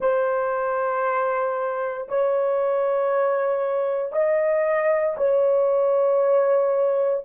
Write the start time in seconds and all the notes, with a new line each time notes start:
0.00 C5
2.08 C#5
4.12 D#5
5.17 C#5